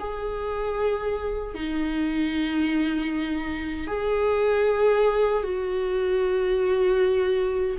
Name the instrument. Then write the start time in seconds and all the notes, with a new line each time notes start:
viola
0.00 G#4
1.55 D#4
3.88 G#4
5.43 F#4